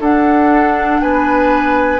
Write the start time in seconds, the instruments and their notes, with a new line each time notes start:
0.00 bassoon D4, clarinet D4, oboe A4, flute F#5
1.01 bassoon B3, oboe B4, flute G#5